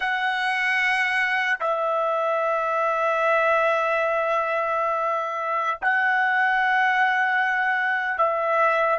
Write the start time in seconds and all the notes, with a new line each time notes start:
0.00 F#5
1.60 E5
5.81 F#5
8.18 E5